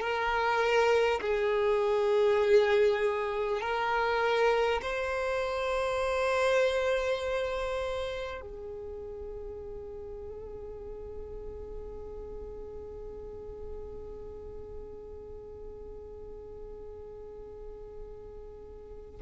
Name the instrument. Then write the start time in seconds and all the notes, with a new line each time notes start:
violin
0.00 A#4
1.21 G#4
3.61 A#4
4.81 C5
8.41 G#4